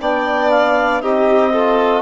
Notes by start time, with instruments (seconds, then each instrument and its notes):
0.00 bassoon B3, trombone D4, violin D5, clarinet G5
0.50 clarinet F5
1.01 bassoon C4, trombone D#4, violin G4, clarinet D#5
1.53 trombone F4, violin A4